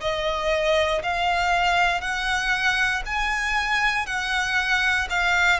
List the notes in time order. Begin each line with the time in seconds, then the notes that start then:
0.00 D#5
1.02 F5
2.01 F#5
3.06 G#5
4.06 F#5
5.09 F5